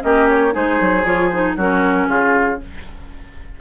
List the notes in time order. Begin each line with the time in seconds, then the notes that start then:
0.00 A#3 C#4 G4 D#5
0.29 C#5
0.51 G#3 D#4 G#4 C5
0.80 F#3
1.05 F3 F4 C#5
1.29 D#4 C5
1.56 F#3 C#4 F#4 A#4
2.08 C#3 F4 G#4